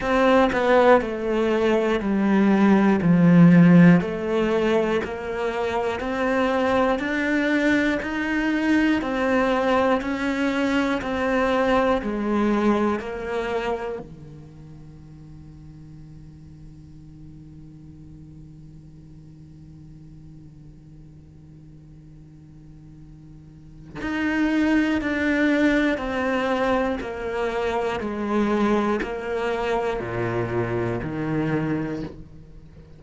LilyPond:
\new Staff \with { instrumentName = "cello" } { \time 4/4 \tempo 4 = 60 c'8 b8 a4 g4 f4 | a4 ais4 c'4 d'4 | dis'4 c'4 cis'4 c'4 | gis4 ais4 dis2~ |
dis1~ | dis1 | dis'4 d'4 c'4 ais4 | gis4 ais4 ais,4 dis4 | }